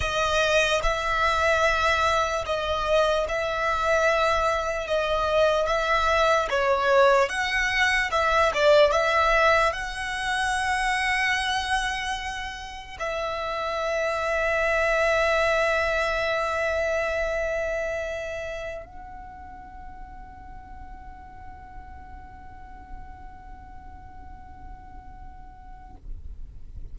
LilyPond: \new Staff \with { instrumentName = "violin" } { \time 4/4 \tempo 4 = 74 dis''4 e''2 dis''4 | e''2 dis''4 e''4 | cis''4 fis''4 e''8 d''8 e''4 | fis''1 |
e''1~ | e''2.~ e''16 fis''8.~ | fis''1~ | fis''1 | }